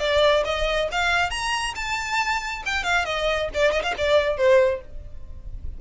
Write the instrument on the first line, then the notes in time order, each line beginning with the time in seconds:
violin
0.00 D5
0.45 D#5
0.92 F5
1.31 A#5
1.76 A5
2.66 G5
2.84 F5
3.06 D#5
3.54 D5
3.72 D#5
3.83 F5
3.98 D5
4.37 C5